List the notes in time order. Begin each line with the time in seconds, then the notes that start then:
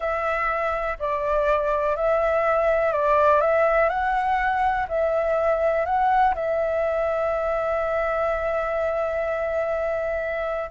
0.00 E5
0.99 D5
1.95 E5
2.92 D5
3.40 E5
3.89 F#5
4.88 E5
5.85 F#5
6.34 E5